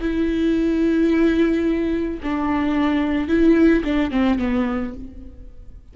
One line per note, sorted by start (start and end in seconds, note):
0.00 2.20 E4
2.23 3.28 D4
3.28 3.83 E4
3.84 4.11 D4
4.11 4.38 C4
4.38 4.93 B3